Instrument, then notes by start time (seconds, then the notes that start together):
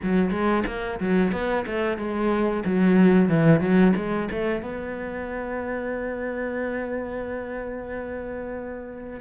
cello
0.02 F#3
0.30 G#3
0.66 A#3
1.00 F#3
1.32 B3
1.66 A3
1.98 G#3
2.65 F#3
3.28 E3
3.60 F#3
3.96 G#3
4.31 A3
4.62 B3